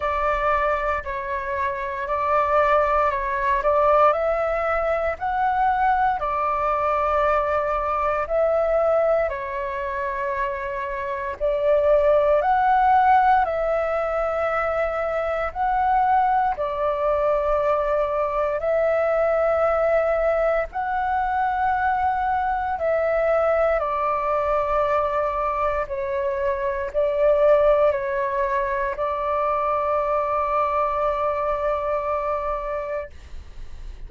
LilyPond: \new Staff \with { instrumentName = "flute" } { \time 4/4 \tempo 4 = 58 d''4 cis''4 d''4 cis''8 d''8 | e''4 fis''4 d''2 | e''4 cis''2 d''4 | fis''4 e''2 fis''4 |
d''2 e''2 | fis''2 e''4 d''4~ | d''4 cis''4 d''4 cis''4 | d''1 | }